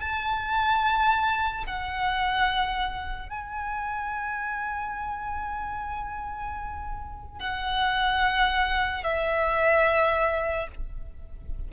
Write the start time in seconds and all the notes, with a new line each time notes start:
0.00 A5
1.67 F#5
3.29 G#5
7.39 F#5
9.03 E5